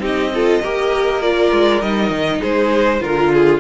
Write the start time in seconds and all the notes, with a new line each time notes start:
0.00 C4 D#4 G4 D#5
0.35 F4 A4
0.62 A#3 G4 A#4
1.21 F4 D5
1.52 G#3
1.82 G3 D#4 D#5
2.10 D#3
2.40 G#3 G#4 C5
3.00 D3 F4 A#4
3.33 G#4